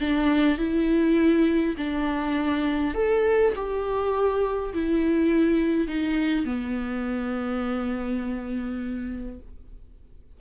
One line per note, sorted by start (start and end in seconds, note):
0.00 0.58 D4
0.58 1.76 E4
1.77 2.94 D4
2.94 3.53 A4
3.55 4.73 G4
4.74 5.88 E4
5.88 6.45 D#4
6.45 9.39 B3